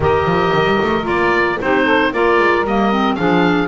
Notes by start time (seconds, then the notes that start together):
0.00 D#3 G4 A#4 D#5
0.25 F3
0.53 D#3
0.64 G3
0.82 A3
1.03 A#3 F4 D5
1.60 C4 D#4 G4 C5
1.84 A4
2.12 A#3 F4 A#4 D5
2.38 G#3
2.64 G3 A#3 D#5
2.92 C4
3.15 F3 D4 G#4 F5